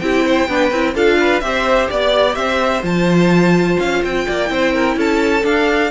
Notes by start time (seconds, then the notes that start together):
0.00 C4 E4 G4 G5
0.25 C5
0.48 B3 D4 B4
0.71 C4 E4
0.94 D4 F4 A4 F5
1.20 B4
1.40 C4 G4 C5 E5
1.90 B3 D5
2.35 C4 C5 E5
2.82 F3 F4 A5
3.79 C#4 F5
4.03 C4 G5
4.26 A#3 D5
4.47 C4 E4 C5
4.73 A#4
4.96 C#4 A4 A5
5.43 D4 F5